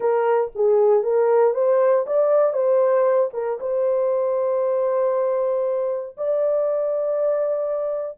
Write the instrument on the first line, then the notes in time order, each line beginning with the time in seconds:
horn
0.00 A#4
0.55 G#4
1.03 A#4
1.54 C5
2.06 D5
2.53 C5
3.33 A#4
3.60 C5
6.17 D5